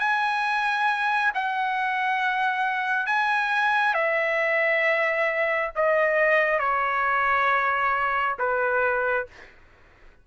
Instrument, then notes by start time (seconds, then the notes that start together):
trumpet
0.00 G#5
1.35 F#5
3.07 G#5
3.95 E5
5.76 D#5
6.60 C#5
8.39 B4